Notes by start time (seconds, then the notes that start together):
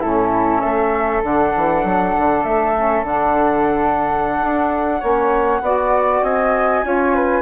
0.00 A2 C#4 E4 A4
0.60 A3 A4 E5
1.23 D3 D4 F#5
1.57 E3
1.84 F#3
2.18 D3
2.43 A3 E5
2.75 C#4
3.03 D3 D4 F#5
4.41 D4
5.00 A#3 C#4 C#5
5.61 B3 F#4 D5
6.22 C4 D#5 G#5
6.83 C#4 F4 C#5
7.15 B4